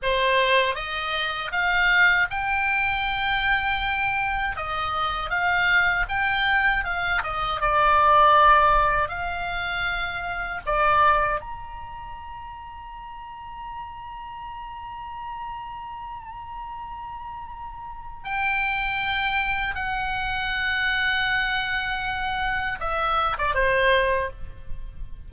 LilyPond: \new Staff \with { instrumentName = "oboe" } { \time 4/4 \tempo 4 = 79 c''4 dis''4 f''4 g''4~ | g''2 dis''4 f''4 | g''4 f''8 dis''8 d''2 | f''2 d''4 ais''4~ |
ais''1~ | ais''1 | g''2 fis''2~ | fis''2 e''8. d''16 c''4 | }